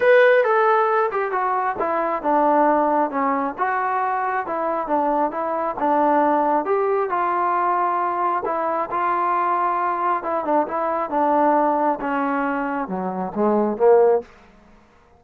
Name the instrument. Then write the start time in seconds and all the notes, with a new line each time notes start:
trombone
0.00 B4
0.43 A4
1.11 G4
1.31 F#4
1.79 E4
2.22 D4
3.10 C#4
3.58 F#4
4.46 E4
4.87 D4
5.31 E4
5.79 D4
6.65 G4
7.09 F4
8.45 E4
8.91 F4
10.23 E4
10.44 D4
10.67 E4
11.10 D4
12.00 C#4
12.87 F#3
13.35 G#3
13.77 A#3